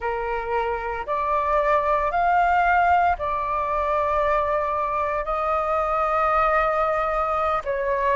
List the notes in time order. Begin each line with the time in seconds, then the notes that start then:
0.00 A#4
1.06 D5
2.11 F5
3.18 D5
5.24 D#5
7.64 C#5